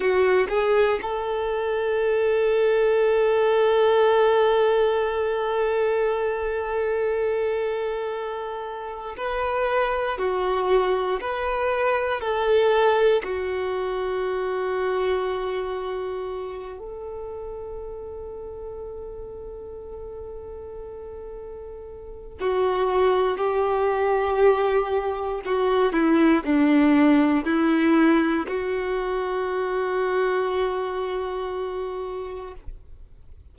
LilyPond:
\new Staff \with { instrumentName = "violin" } { \time 4/4 \tempo 4 = 59 fis'8 gis'8 a'2.~ | a'1~ | a'4 b'4 fis'4 b'4 | a'4 fis'2.~ |
fis'8 a'2.~ a'8~ | a'2 fis'4 g'4~ | g'4 fis'8 e'8 d'4 e'4 | fis'1 | }